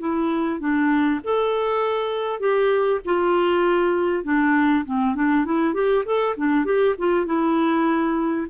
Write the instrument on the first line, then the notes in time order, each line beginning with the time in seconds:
clarinet
0.00 E4
0.60 D4
1.24 A4
2.40 G4
3.05 F4
4.24 D4
4.85 C4
5.15 D4
5.45 E4
5.74 G4
6.06 A4
6.37 D4
6.65 G4
6.98 F4
7.26 E4